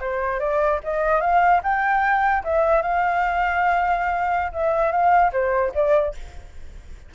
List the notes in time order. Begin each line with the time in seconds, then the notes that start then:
0.00 C5
0.40 D5
0.83 D#5
1.21 F5
1.63 G5
2.44 E5
2.82 F5
4.53 E5
4.92 F5
5.33 C5
5.75 D5